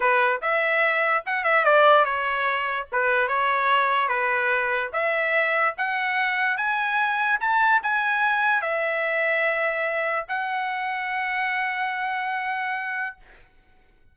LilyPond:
\new Staff \with { instrumentName = "trumpet" } { \time 4/4 \tempo 4 = 146 b'4 e''2 fis''8 e''8 | d''4 cis''2 b'4 | cis''2 b'2 | e''2 fis''2 |
gis''2 a''4 gis''4~ | gis''4 e''2.~ | e''4 fis''2.~ | fis''1 | }